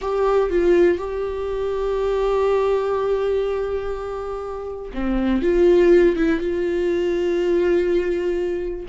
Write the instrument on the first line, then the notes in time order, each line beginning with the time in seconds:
viola
0.01 G4
0.50 F4
0.98 G4
4.94 C4
5.42 F4
6.16 E4
6.40 F4